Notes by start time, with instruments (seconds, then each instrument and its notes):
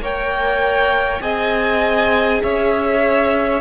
0.00 cello A#3, viola A#4, violin C#5 G5
1.20 cello C4, viola G#4, violin D#5 G#5
2.42 cello C#4, violin C#5 E5